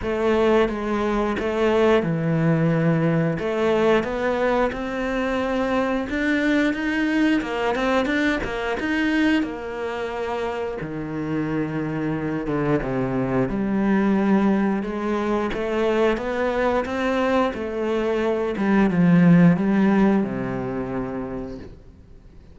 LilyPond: \new Staff \with { instrumentName = "cello" } { \time 4/4 \tempo 4 = 89 a4 gis4 a4 e4~ | e4 a4 b4 c'4~ | c'4 d'4 dis'4 ais8 c'8 | d'8 ais8 dis'4 ais2 |
dis2~ dis8 d8 c4 | g2 gis4 a4 | b4 c'4 a4. g8 | f4 g4 c2 | }